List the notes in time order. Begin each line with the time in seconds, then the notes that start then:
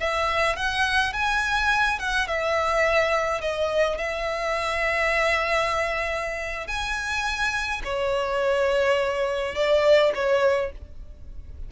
0.00 E5
0.57 F#5
1.14 G#5
1.99 F#5
2.28 E5
3.42 D#5
3.98 E5
6.68 G#5
7.85 C#5
9.56 D5
10.15 C#5